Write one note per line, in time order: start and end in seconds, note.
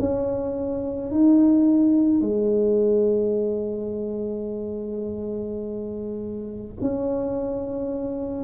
0.00 1.11 C#4
1.11 2.21 D#4
2.21 6.74 G#3
6.81 8.44 C#4